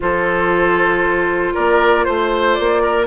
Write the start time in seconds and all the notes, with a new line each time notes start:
0.00 F3 F4 A4 C5
1.54 A#3 A#4 D5
2.04 A3 C5
2.54 A#3 D5
2.82 A#4